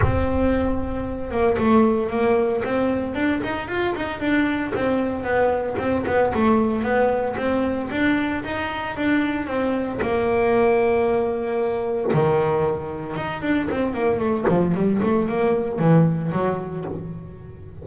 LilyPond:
\new Staff \with { instrumentName = "double bass" } { \time 4/4 \tempo 4 = 114 c'2~ c'8 ais8 a4 | ais4 c'4 d'8 dis'8 f'8 dis'8 | d'4 c'4 b4 c'8 b8 | a4 b4 c'4 d'4 |
dis'4 d'4 c'4 ais4~ | ais2. dis4~ | dis4 dis'8 d'8 c'8 ais8 a8 f8 | g8 a8 ais4 e4 fis4 | }